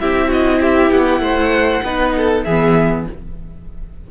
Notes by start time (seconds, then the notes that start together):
0.00 C4 E4 G4 E5
0.28 F#4 D#5
0.60 G4 E5
0.91 B3 F#5
1.20 A3 C5
1.83 B3 D#4 B4
2.17 A4
2.44 E3 G#4 E5
2.50 B3